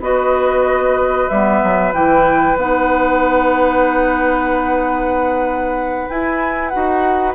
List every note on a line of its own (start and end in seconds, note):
0.00 1.28 B3
0.00 1.30 F#4
0.00 7.35 B4
0.00 1.29 D#5
1.29 1.62 G3
1.29 1.93 B3
1.29 1.93 E5
1.63 1.93 F#3
1.93 2.56 E3
1.93 2.57 E4
1.93 2.58 G5
2.56 6.07 B3
2.56 6.10 D#4
2.56 6.10 F#5
6.10 6.72 E4
6.10 6.74 E4
6.10 6.68 G#5
6.68 7.35 F#4
6.68 7.32 F#5
6.75 7.35 D#4